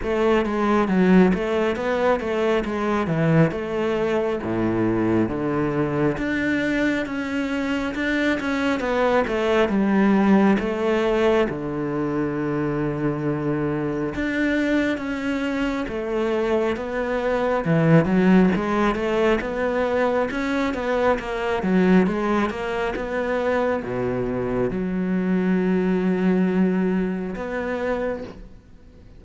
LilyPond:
\new Staff \with { instrumentName = "cello" } { \time 4/4 \tempo 4 = 68 a8 gis8 fis8 a8 b8 a8 gis8 e8 | a4 a,4 d4 d'4 | cis'4 d'8 cis'8 b8 a8 g4 | a4 d2. |
d'4 cis'4 a4 b4 | e8 fis8 gis8 a8 b4 cis'8 b8 | ais8 fis8 gis8 ais8 b4 b,4 | fis2. b4 | }